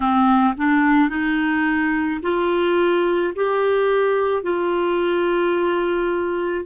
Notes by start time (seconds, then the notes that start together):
0.00 C4
0.57 D4
1.09 D#4
2.22 F4
3.35 G4
4.42 F4